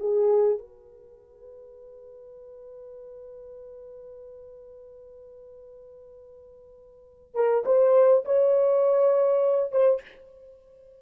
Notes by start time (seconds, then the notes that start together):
0.00 G#4
0.59 B4
7.35 A#4
7.66 C5
8.25 C#5
9.72 C5